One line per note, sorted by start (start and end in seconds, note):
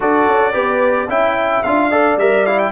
0.00 0.27 D4
0.00 0.53 F#4
0.00 0.53 A4
0.00 1.10 D5
0.27 0.54 C#4
0.53 1.08 B3
0.53 1.07 G4
0.53 1.07 B4
1.08 1.62 C#4
1.08 1.64 E4
1.08 1.90 E5
1.08 1.63 G5
1.63 2.16 D4
1.63 1.91 F4
1.63 2.17 F5
1.90 2.18 A4
1.90 2.72 D5
2.16 2.71 G3
2.16 2.46 A#4
2.16 2.46 E5
2.46 2.72 E4
2.46 2.58 F5
2.58 2.72 G5